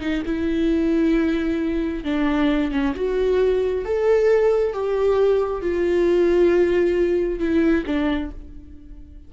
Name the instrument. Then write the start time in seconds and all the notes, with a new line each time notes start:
viola
0.00 D#4
0.25 E4
2.04 D4
2.71 C#4
2.95 F#4
3.84 A4
4.73 G4
5.61 F4
7.39 E4
7.86 D4